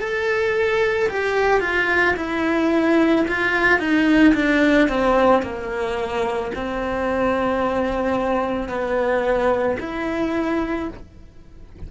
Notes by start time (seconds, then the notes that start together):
0.00 A4
1.10 G4
1.60 F4
2.17 E4
3.28 F4
3.79 D#4
4.34 D4
4.88 C4
5.42 A#3
6.56 C4
8.69 B3
9.80 E4